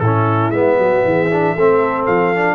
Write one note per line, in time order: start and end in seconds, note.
0.00 0.50 A2
0.00 0.54 C#4
0.00 0.78 E4
0.00 0.51 A4
0.50 0.76 G#3
0.50 1.31 B3
0.50 2.05 E5
0.78 1.04 F#3
0.78 1.06 F#4
1.05 1.56 E3
1.05 1.56 G#4
1.31 1.57 D4
1.56 2.08 A3
1.56 2.35 C4
1.56 2.55 A4
2.06 2.55 F3
2.06 2.55 F5
2.35 2.55 D4